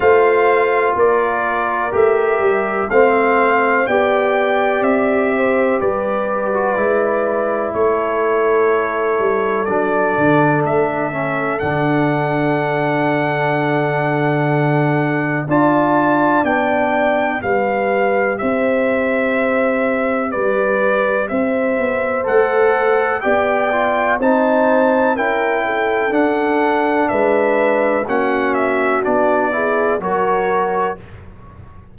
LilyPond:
<<
  \new Staff \with { instrumentName = "trumpet" } { \time 4/4 \tempo 4 = 62 f''4 d''4 e''4 f''4 | g''4 e''4 d''2 | cis''2 d''4 e''4 | fis''1 |
a''4 g''4 f''4 e''4~ | e''4 d''4 e''4 fis''4 | g''4 a''4 g''4 fis''4 | e''4 fis''8 e''8 d''4 cis''4 | }
  \new Staff \with { instrumentName = "horn" } { \time 4/4 c''4 ais'2 c''4 | d''4. c''8 b'2 | a'1~ | a'1 |
d''2 b'4 c''4~ | c''4 b'4 c''2 | d''4 c''4 ais'8 a'4. | b'4 fis'4. gis'8 ais'4 | }
  \new Staff \with { instrumentName = "trombone" } { \time 4/4 f'2 g'4 c'4 | g'2~ g'8. fis'16 e'4~ | e'2 d'4. cis'8 | d'1 |
f'4 d'4 g'2~ | g'2. a'4 | g'8 f'8 dis'4 e'4 d'4~ | d'4 cis'4 d'8 e'8 fis'4 | }
  \new Staff \with { instrumentName = "tuba" } { \time 4/4 a4 ais4 a8 g8 a4 | b4 c'4 g4 gis4 | a4. g8 fis8 d8 a4 | d1 |
d'4 b4 g4 c'4~ | c'4 g4 c'8 b8 a4 | b4 c'4 cis'4 d'4 | gis4 ais4 b4 fis4 | }
>>